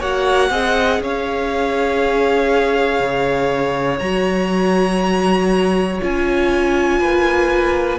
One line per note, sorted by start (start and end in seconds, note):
0.00 0.50 A#3
0.00 0.51 F#4
0.00 0.50 C#5
0.00 1.02 F#5
0.50 1.00 C4
0.50 4.01 G#4
0.50 1.02 D#5
1.00 3.00 C#4
1.00 6.99 C#5
1.00 3.99 F5
3.00 4.00 C#3
3.99 6.01 F#3
3.99 6.00 F#4
3.99 5.99 A#5
6.00 7.00 C#4
6.00 7.99 F4
6.00 7.99 G#5
6.99 7.99 A#3
6.99 7.99 B4